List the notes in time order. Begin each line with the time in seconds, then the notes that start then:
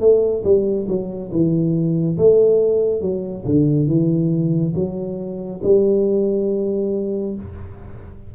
0.00 A3
0.44 G3
0.88 F#3
1.31 E3
2.17 A3
3.01 F#3
3.45 D3
3.87 E3
4.74 F#3
5.63 G3